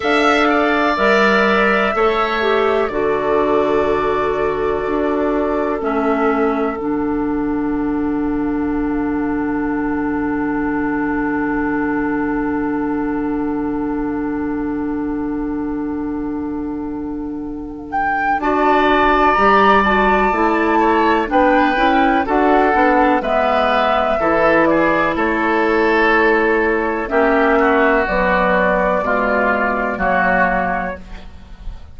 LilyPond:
<<
  \new Staff \with { instrumentName = "flute" } { \time 4/4 \tempo 4 = 62 f''4 e''2 d''4~ | d''2 e''4 fis''4~ | fis''1~ | fis''1~ |
fis''2~ fis''8 g''8 a''4 | ais''8 a''4. g''4 fis''4 | e''4. d''8 cis''2 | e''4 d''2 cis''4 | }
  \new Staff \with { instrumentName = "oboe" } { \time 4/4 e''8 d''4. cis''4 a'4~ | a'1~ | a'1~ | a'1~ |
a'2. d''4~ | d''4. cis''8 b'4 a'4 | b'4 a'8 gis'8 a'2 | g'8 fis'4. f'4 fis'4 | }
  \new Staff \with { instrumentName = "clarinet" } { \time 4/4 a'4 ais'4 a'8 g'8 fis'4~ | fis'2 cis'4 d'4~ | d'1~ | d'1~ |
d'2. fis'4 | g'8 fis'8 e'4 d'8 e'8 fis'8 d'8 | b4 e'2. | cis'4 fis4 gis4 ais4 | }
  \new Staff \with { instrumentName = "bassoon" } { \time 4/4 d'4 g4 a4 d4~ | d4 d'4 a4 d4~ | d1~ | d1~ |
d2. d'4 | g4 a4 b8 cis'8 d'8 b8 | gis4 e4 a2 | ais4 b4 b,4 fis4 | }
>>